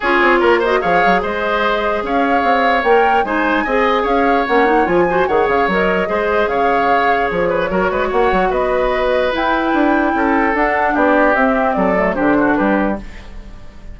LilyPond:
<<
  \new Staff \with { instrumentName = "flute" } { \time 4/4 \tempo 4 = 148 cis''4. dis''8 f''4 dis''4~ | dis''4 f''2 g''4 | gis''2 f''4 fis''4 | gis''4 fis''8 f''8 dis''2 |
f''2 cis''2 | fis''4 dis''2 g''4~ | g''2 fis''4 d''4 | e''4 d''4 c''4 b'4 | }
  \new Staff \with { instrumentName = "oboe" } { \time 4/4 gis'4 ais'8 c''8 cis''4 c''4~ | c''4 cis''2. | c''4 dis''4 cis''2~ | cis''8 c''8 cis''2 c''4 |
cis''2~ cis''8 b'8 ais'8 b'8 | cis''4 b'2.~ | b'4 a'2 g'4~ | g'4 a'4 g'8 fis'8 g'4 | }
  \new Staff \with { instrumentName = "clarinet" } { \time 4/4 f'4. fis'8 gis'2~ | gis'2. ais'4 | dis'4 gis'2 cis'8 dis'8 | f'8 fis'8 gis'4 ais'4 gis'4~ |
gis'2. fis'4~ | fis'2. e'4~ | e'2 d'2 | c'4. a8 d'2 | }
  \new Staff \with { instrumentName = "bassoon" } { \time 4/4 cis'8 c'8 ais4 f8 fis8 gis4~ | gis4 cis'4 c'4 ais4 | gis4 c'4 cis'4 ais4 | f4 dis8 cis8 fis4 gis4 |
cis2 f4 fis8 gis8 | ais8 fis8 b2 e'4 | d'4 cis'4 d'4 b4 | c'4 fis4 d4 g4 | }
>>